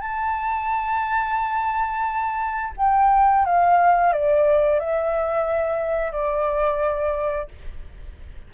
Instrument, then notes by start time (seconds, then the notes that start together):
flute
0.00 A5
2.76 G5
3.45 F5
4.12 D5
4.79 E5
6.11 D5